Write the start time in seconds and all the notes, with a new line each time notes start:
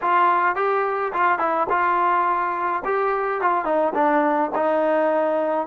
0.01 F4
0.55 G4
1.13 F4
1.38 E4
1.69 F4
2.84 G4
3.41 F4
3.65 D#4
3.94 D4
4.55 D#4